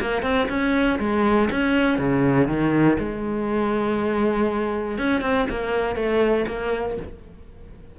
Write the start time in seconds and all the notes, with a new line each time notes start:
0.00 A#3
0.22 C4
0.49 C#4
0.99 G#3
1.51 C#4
1.98 C#3
2.47 D#3
2.99 G#3
4.98 C#4
5.21 C4
5.50 A#3
5.96 A3
6.47 A#3